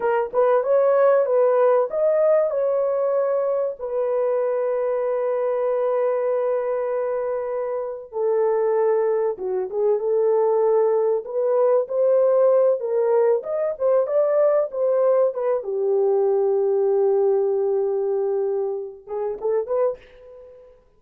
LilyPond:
\new Staff \with { instrumentName = "horn" } { \time 4/4 \tempo 4 = 96 ais'8 b'8 cis''4 b'4 dis''4 | cis''2 b'2~ | b'1~ | b'4 a'2 fis'8 gis'8 |
a'2 b'4 c''4~ | c''8 ais'4 dis''8 c''8 d''4 c''8~ | c''8 b'8 g'2.~ | g'2~ g'8 gis'8 a'8 b'8 | }